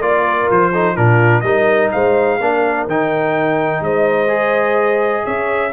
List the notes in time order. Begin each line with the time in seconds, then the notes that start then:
0.00 A#3 F4 D5
0.24 A#4
0.50 F3 C5
0.71 D#4 A4
0.96 A#2 D4 F4 A#4
1.41 G3 D#4 A#4 D#5
1.91 G#3 C5 F5
2.40 A#3 D4 A#4
2.86 D#3 D#4 G5
3.80 G#3 C5 D#5
4.27 G#4
5.24 C#4 C#5 E5